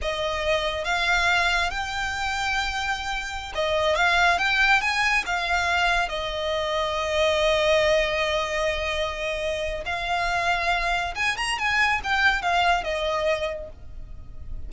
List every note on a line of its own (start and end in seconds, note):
0.01 0.84 D#5
0.84 1.70 F5
1.70 3.52 G5
3.55 3.95 D#5
3.95 4.38 F5
4.38 4.81 G5
4.81 5.24 G#5
5.26 6.09 F5
6.09 9.84 D#5
9.85 11.14 F5
11.15 11.36 G#5
11.36 11.58 A#5
11.58 12.01 G#5
12.03 12.42 G5
12.42 12.83 F5
12.83 13.69 D#5